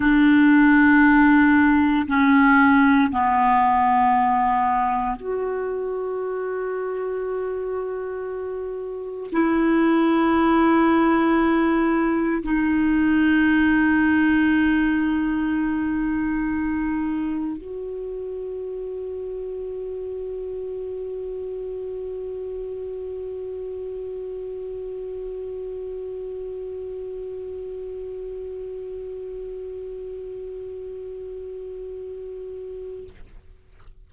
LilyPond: \new Staff \with { instrumentName = "clarinet" } { \time 4/4 \tempo 4 = 58 d'2 cis'4 b4~ | b4 fis'2.~ | fis'4 e'2. | dis'1~ |
dis'4 fis'2.~ | fis'1~ | fis'1~ | fis'1 | }